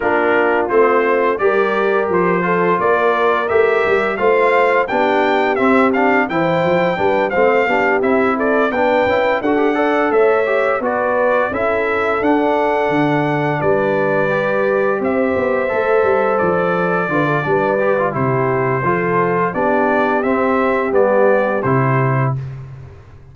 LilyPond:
<<
  \new Staff \with { instrumentName = "trumpet" } { \time 4/4 \tempo 4 = 86 ais'4 c''4 d''4 c''4 | d''4 e''4 f''4 g''4 | e''8 f''8 g''4. f''4 e''8 | d''8 g''4 fis''4 e''4 d''8~ |
d''8 e''4 fis''2 d''8~ | d''4. e''2 d''8~ | d''2 c''2 | d''4 e''4 d''4 c''4 | }
  \new Staff \with { instrumentName = "horn" } { \time 4/4 f'2 ais'4. a'8 | ais'2 c''4 g'4~ | g'4 c''4 b'8 c''8 g'4 | a'8 b'4 a'8 d''8 cis''4 b'8~ |
b'8 a'2. b'8~ | b'4. c''2~ c''8~ | c''8 b'16 a'16 b'4 g'4 a'4 | g'1 | }
  \new Staff \with { instrumentName = "trombone" } { \time 4/4 d'4 c'4 g'4. f'8~ | f'4 g'4 f'4 d'4 | c'8 d'8 e'4 d'8 c'8 d'8 e'8~ | e'8 d'8 e'8 fis'16 g'16 a'4 g'8 fis'8~ |
fis'8 e'4 d'2~ d'8~ | d'8 g'2 a'4.~ | a'8 f'8 d'8 g'16 f'16 e'4 f'4 | d'4 c'4 b4 e'4 | }
  \new Staff \with { instrumentName = "tuba" } { \time 4/4 ais4 a4 g4 f4 | ais4 a8 g8 a4 b4 | c'4 e8 f8 g8 a8 b8 c'8~ | c'8 b8 cis'8 d'4 a4 b8~ |
b8 cis'4 d'4 d4 g8~ | g4. c'8 b8 a8 g8 f8~ | f8 d8 g4 c4 f4 | b4 c'4 g4 c4 | }
>>